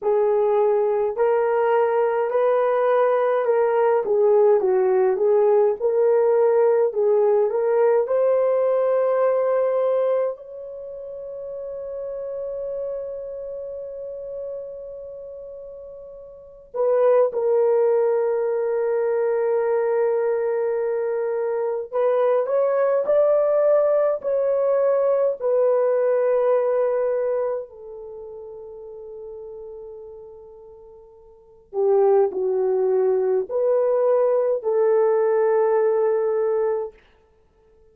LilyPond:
\new Staff \with { instrumentName = "horn" } { \time 4/4 \tempo 4 = 52 gis'4 ais'4 b'4 ais'8 gis'8 | fis'8 gis'8 ais'4 gis'8 ais'8 c''4~ | c''4 cis''2.~ | cis''2~ cis''8 b'8 ais'4~ |
ais'2. b'8 cis''8 | d''4 cis''4 b'2 | a'2.~ a'8 g'8 | fis'4 b'4 a'2 | }